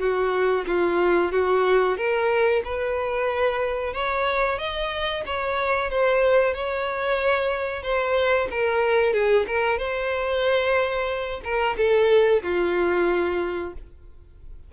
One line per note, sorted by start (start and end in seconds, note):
0.00 0.65 F#4
0.67 1.32 F4
1.32 1.97 F#4
1.97 2.63 A#4
2.65 3.94 B4
3.94 4.59 C#5
4.59 5.24 D#5
5.26 5.91 C#5
5.91 6.54 C5
6.54 7.83 C#5
7.83 8.48 C5
8.51 9.14 A#4
9.14 9.46 G#4
9.47 9.78 A#4
9.78 11.41 C5
11.44 11.77 A#4
11.78 12.43 A4
12.43 13.73 F4